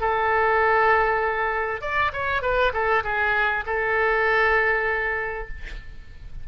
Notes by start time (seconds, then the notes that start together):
0.00 A4
1.81 D5
2.12 C#5
2.42 B4
2.73 A4
3.03 G#4
3.66 A4